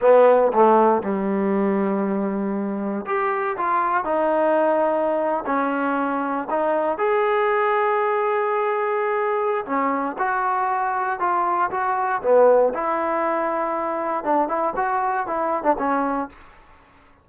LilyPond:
\new Staff \with { instrumentName = "trombone" } { \time 4/4 \tempo 4 = 118 b4 a4 g2~ | g2 g'4 f'4 | dis'2~ dis'8. cis'4~ cis'16~ | cis'8. dis'4 gis'2~ gis'16~ |
gis'2. cis'4 | fis'2 f'4 fis'4 | b4 e'2. | d'8 e'8 fis'4 e'8. d'16 cis'4 | }